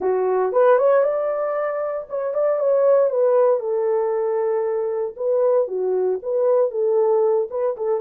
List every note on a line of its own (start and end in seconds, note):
0.00 0.52 F#4
0.52 0.78 B4
0.78 1.03 C#5
1.03 2.07 D5
2.09 2.33 C#5
2.33 2.59 D5
2.59 3.10 C#5
3.10 3.59 B4
3.59 5.14 A4
5.16 5.67 B4
5.67 6.19 F#4
6.22 6.70 B4
6.70 7.48 A4
7.50 7.76 B4
7.77 8.00 A4